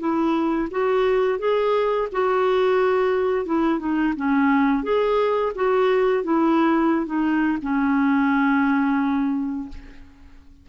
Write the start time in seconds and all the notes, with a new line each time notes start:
0.00 E4
0.71 F#4
1.39 G#4
2.12 F#4
3.46 E4
3.80 D#4
4.17 C#4
4.84 G#4
5.55 F#4
6.24 E4
7.07 D#4
7.62 C#4